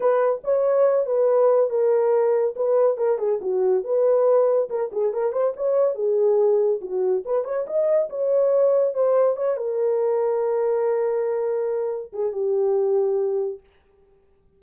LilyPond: \new Staff \with { instrumentName = "horn" } { \time 4/4 \tempo 4 = 141 b'4 cis''4. b'4. | ais'2 b'4 ais'8 gis'8 | fis'4 b'2 ais'8 gis'8 | ais'8 c''8 cis''4 gis'2 |
fis'4 b'8 cis''8 dis''4 cis''4~ | cis''4 c''4 cis''8 ais'4.~ | ais'1~ | ais'8 gis'8 g'2. | }